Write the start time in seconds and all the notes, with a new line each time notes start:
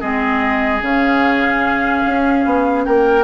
0.00 G#3 C4 G#4 D#5
0.82 C#3 C#4 F5
2.06 C#4
2.46 B3
2.85 A#3 A#4 G5